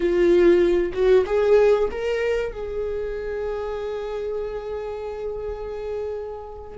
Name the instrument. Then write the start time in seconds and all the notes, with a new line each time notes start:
viola
0.00 F4
0.93 F#4
1.25 G#4
1.91 A#4
2.52 G#4